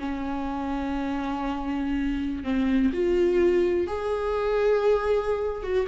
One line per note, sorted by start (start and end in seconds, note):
0.00 2.44 C#4
2.44 2.91 C4
2.94 3.87 F4
3.87 5.63 G#4
5.63 5.87 F#4